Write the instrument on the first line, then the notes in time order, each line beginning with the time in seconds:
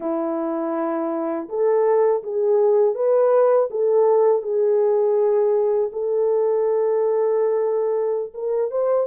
horn
0.00 E4
1.48 A4
2.23 G#4
2.95 B4
3.70 A4
4.42 G#4
5.92 A4
8.34 A#4
8.70 C5